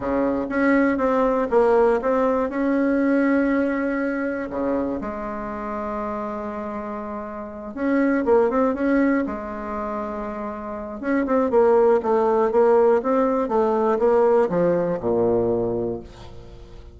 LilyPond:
\new Staff \with { instrumentName = "bassoon" } { \time 4/4 \tempo 4 = 120 cis4 cis'4 c'4 ais4 | c'4 cis'2.~ | cis'4 cis4 gis2~ | gis2.~ gis8 cis'8~ |
cis'8 ais8 c'8 cis'4 gis4.~ | gis2 cis'8 c'8 ais4 | a4 ais4 c'4 a4 | ais4 f4 ais,2 | }